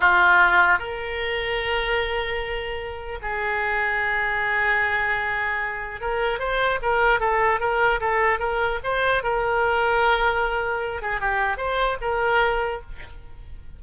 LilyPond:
\new Staff \with { instrumentName = "oboe" } { \time 4/4 \tempo 4 = 150 f'2 ais'2~ | ais'1 | gis'1~ | gis'2. ais'4 |
c''4 ais'4 a'4 ais'4 | a'4 ais'4 c''4 ais'4~ | ais'2.~ ais'8 gis'8 | g'4 c''4 ais'2 | }